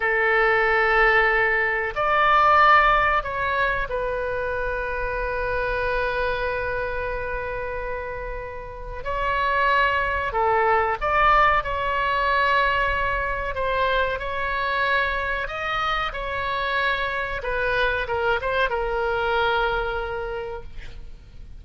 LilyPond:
\new Staff \with { instrumentName = "oboe" } { \time 4/4 \tempo 4 = 93 a'2. d''4~ | d''4 cis''4 b'2~ | b'1~ | b'2 cis''2 |
a'4 d''4 cis''2~ | cis''4 c''4 cis''2 | dis''4 cis''2 b'4 | ais'8 c''8 ais'2. | }